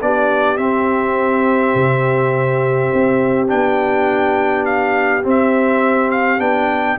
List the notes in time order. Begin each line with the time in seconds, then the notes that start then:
0.00 B3 D4 G4 D5
0.57 C4 E5
1.75 C3
2.93 C4
3.48 B3 D4 G5
4.65 F5
5.23 C4
5.29 E5
6.11 F5
6.38 B3 D4 G5